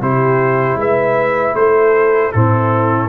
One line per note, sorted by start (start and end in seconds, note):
0.00 0.75 C3
0.00 2.32 E4
0.00 0.78 G4
0.00 0.79 C5
0.75 1.52 G#3
0.75 1.54 B4
0.75 1.55 E5
1.54 2.30 A3
1.54 2.33 A4
1.54 2.32 C5
2.32 3.08 A2
2.32 3.08 C4
2.32 3.08 E4
2.32 3.08 A4